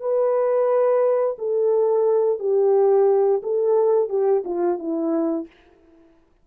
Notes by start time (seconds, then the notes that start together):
0.00 B4
1.39 A4
2.40 G4
3.43 A4
4.09 G4
4.45 F4
4.79 E4